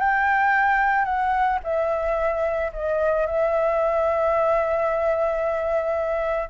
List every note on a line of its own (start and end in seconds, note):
0.00 1.05 G5
1.05 1.59 F#5
1.64 2.72 E5
2.73 3.27 D#5
3.27 6.50 E5